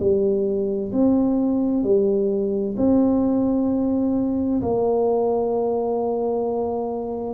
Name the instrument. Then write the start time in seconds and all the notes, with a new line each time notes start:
tuba
0.00 G3
0.92 C4
1.83 G3
2.77 C4
4.62 A#3